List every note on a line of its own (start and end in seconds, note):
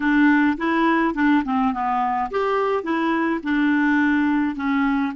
0.00 0.57 D4
0.57 1.14 E4
1.14 1.43 D4
1.44 1.73 C4
1.73 2.30 B3
2.30 2.83 G4
2.83 3.40 E4
3.43 4.55 D4
4.55 5.12 C#4